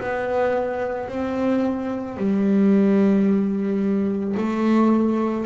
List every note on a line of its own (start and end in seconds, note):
0.00 1.08 B3
1.08 2.17 C4
2.17 4.35 G3
4.37 5.46 A3